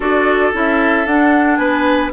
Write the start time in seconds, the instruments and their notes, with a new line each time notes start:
0.00 bassoon D4, clarinet F#4, oboe A4, flute D5
0.52 bassoon C#4, clarinet E4, flute E5
1.06 bassoon D4, clarinet D4, flute F#5
1.56 bassoon B3, oboe B4, flute G#5